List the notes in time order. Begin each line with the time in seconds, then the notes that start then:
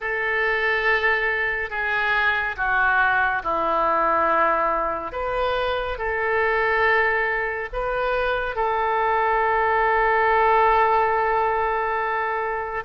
0.00 A4
1.69 G#4
2.56 F#4
3.43 E4
5.12 B4
5.98 A4
7.73 B4
8.55 A4